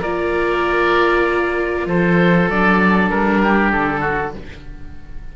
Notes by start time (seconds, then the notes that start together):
0.00 A#3 F4 A#4 D5
1.86 F3 A4 C5
2.49 F#3 D4 D5
3.09 G3 A#4
3.43 G4
3.71 D3 A4
4.01 F#4